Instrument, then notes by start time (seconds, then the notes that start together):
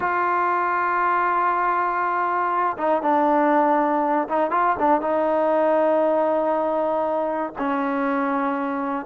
trombone
0.00 F4
2.77 D#4
3.01 D4
4.28 D#4
4.50 F4
4.79 D4
5.01 D#4
7.58 C#4